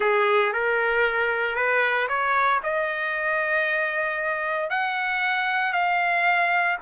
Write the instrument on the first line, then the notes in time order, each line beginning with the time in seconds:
trumpet
0.00 G#4
0.52 A#4
1.55 B4
2.08 C#5
2.63 D#5
4.70 F#5
5.72 F5